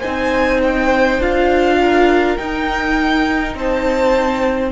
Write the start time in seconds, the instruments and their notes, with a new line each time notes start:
0.00 cello C4, viola D#4, violin C5 G#5
0.63 violin G5
1.19 cello D4, viola F4, violin F5
1.81 violin A#4
2.37 viola D#4, cello D#4, violin G5
3.55 cello C4, violin C5 A5